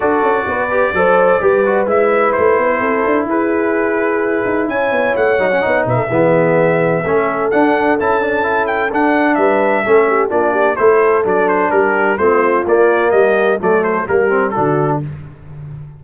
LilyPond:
<<
  \new Staff \with { instrumentName = "trumpet" } { \time 4/4 \tempo 4 = 128 d''1 | e''4 c''2 b'4~ | b'2 gis''4 fis''4~ | fis''8 e''2.~ e''8 |
fis''4 a''4. g''8 fis''4 | e''2 d''4 c''4 | d''8 c''8 ais'4 c''4 d''4 | dis''4 d''8 c''8 ais'4 a'4 | }
  \new Staff \with { instrumentName = "horn" } { \time 4/4 a'4 b'4 c''4 b'4~ | b'2 a'4 gis'4~ | gis'2 cis''2~ | cis''8 b'16 a'16 gis'2 a'4~ |
a'1 | b'4 a'8 g'8 f'8 g'8 a'4~ | a'4 g'4 f'2 | g'4 a'4 g'4 fis'4 | }
  \new Staff \with { instrumentName = "trombone" } { \time 4/4 fis'4. g'8 a'4 g'8 fis'8 | e'1~ | e'2.~ e'8 dis'16 cis'16 | dis'4 b2 cis'4 |
d'4 e'8 d'8 e'4 d'4~ | d'4 cis'4 d'4 e'4 | d'2 c'4 ais4~ | ais4 a4 ais8 c'8 d'4 | }
  \new Staff \with { instrumentName = "tuba" } { \time 4/4 d'8 cis'8 b4 fis4 g4 | gis4 a8 b8 c'8 d'8 e'4~ | e'4. dis'8 cis'8 b8 a8 fis8 | b8 b,8 e2 a4 |
d'4 cis'2 d'4 | g4 a4 ais4 a4 | fis4 g4 a4 ais4 | g4 fis4 g4 d4 | }
>>